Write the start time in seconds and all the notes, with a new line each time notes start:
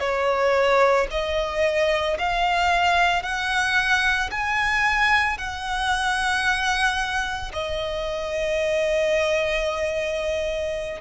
0.00 C#5
1.10 D#5
2.19 F5
3.22 F#5
4.31 G#5
5.38 F#5
7.52 D#5